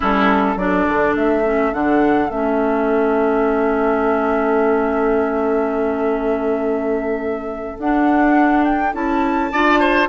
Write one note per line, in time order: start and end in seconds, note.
0.00 0.56 G3
0.00 0.57 C#4
0.00 0.57 E4
0.00 0.58 A4
0.56 0.85 F#3
0.56 1.44 D4
0.56 9.51 A4
0.56 1.15 D5
0.88 1.15 D3
1.15 1.72 A3
1.15 1.73 E5
1.44 1.73 C#4
1.73 2.29 D3
1.73 2.29 D4
1.73 2.30 F#5
2.29 7.77 A3
2.29 7.77 C#4
2.29 7.78 E5
7.78 8.94 D4
7.78 8.92 D4
7.78 8.64 F#5
8.64 8.93 G5
8.92 9.51 C#4
8.92 9.50 E4
8.92 10.08 A5
9.52 10.08 D4
9.52 10.08 F4
9.52 9.79 D5
9.79 10.08 C5